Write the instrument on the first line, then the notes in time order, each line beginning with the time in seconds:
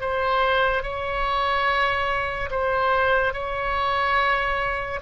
oboe
0.00 C5
0.83 C#5
2.50 C5
3.33 C#5